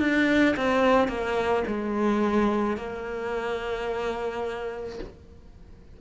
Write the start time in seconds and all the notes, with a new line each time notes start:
0.00 D4
0.57 C4
1.08 A#3
1.67 G#3
2.77 A#3